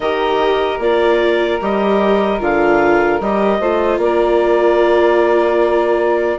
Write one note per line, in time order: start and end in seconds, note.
0.00 0.78 D#3
0.00 0.80 G4
0.00 3.59 A#4
0.00 0.79 D#5
0.78 1.58 A#3
0.78 1.60 F4
0.78 1.60 D5
1.61 2.40 G3
1.61 2.39 G4
1.61 2.41 D#5
2.39 3.20 D3
2.39 3.19 F4
2.39 3.20 F5
3.20 3.60 G3
3.20 3.61 G4
3.20 3.99 D#5
3.59 3.97 A3
3.59 6.38 F4
3.59 3.99 C5
3.97 6.37 A#3
3.97 6.38 A#4
3.97 6.38 D5